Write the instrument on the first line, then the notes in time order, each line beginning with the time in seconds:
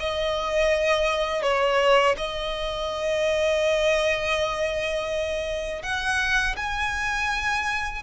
violin
0.00 D#5
1.43 C#5
2.18 D#5
5.82 F#5
6.57 G#5